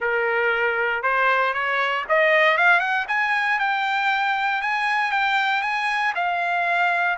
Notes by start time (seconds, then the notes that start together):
0.00 A#4
1.03 C5
1.53 C#5
2.08 D#5
2.57 F5
2.79 F#5
3.07 G#5
3.59 G5
4.61 G#5
5.11 G5
5.62 G#5
6.15 F5